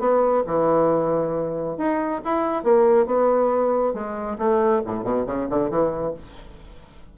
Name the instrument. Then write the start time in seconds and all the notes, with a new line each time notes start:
bassoon
0.00 B3
0.47 E3
1.78 D#4
2.25 E4
2.64 A#3
3.07 B3
3.94 G#3
4.39 A3
4.86 A2
5.04 B2
5.27 C#3
5.50 D3
5.71 E3